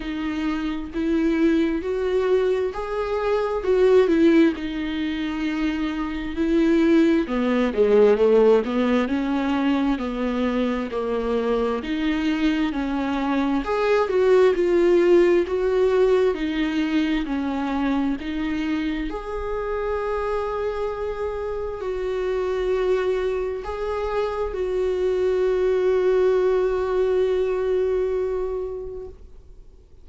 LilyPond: \new Staff \with { instrumentName = "viola" } { \time 4/4 \tempo 4 = 66 dis'4 e'4 fis'4 gis'4 | fis'8 e'8 dis'2 e'4 | b8 gis8 a8 b8 cis'4 b4 | ais4 dis'4 cis'4 gis'8 fis'8 |
f'4 fis'4 dis'4 cis'4 | dis'4 gis'2. | fis'2 gis'4 fis'4~ | fis'1 | }